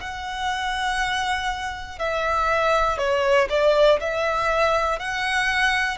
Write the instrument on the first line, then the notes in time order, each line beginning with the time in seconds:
violin
0.00 F#5
1.99 E5
2.98 C#5
3.49 D5
4.00 E5
4.99 F#5